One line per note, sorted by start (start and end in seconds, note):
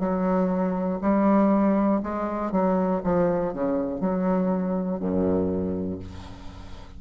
0.00 1.00 F#3
1.02 2.02 G3
2.03 2.52 G#3
2.52 3.02 F#3
3.04 3.54 F3
3.54 4.01 C#3
4.01 5.00 F#3
5.00 6.00 F#2